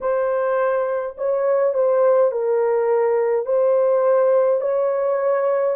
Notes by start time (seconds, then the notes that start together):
0.00 C5
1.17 C#5
1.74 C5
2.31 A#4
3.45 C5
4.60 C#5